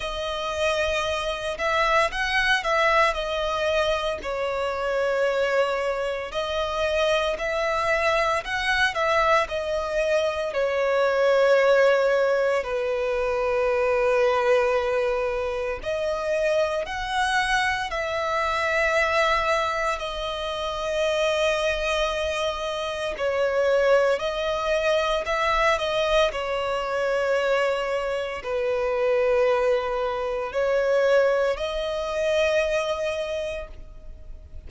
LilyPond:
\new Staff \with { instrumentName = "violin" } { \time 4/4 \tempo 4 = 57 dis''4. e''8 fis''8 e''8 dis''4 | cis''2 dis''4 e''4 | fis''8 e''8 dis''4 cis''2 | b'2. dis''4 |
fis''4 e''2 dis''4~ | dis''2 cis''4 dis''4 | e''8 dis''8 cis''2 b'4~ | b'4 cis''4 dis''2 | }